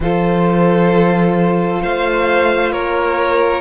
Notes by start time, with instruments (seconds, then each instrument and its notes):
0.00 cello F3, saxophone F4, violin A4 C5
1.82 cello A3, violin C5 F5
2.72 cello A#3, violin A#4 C#5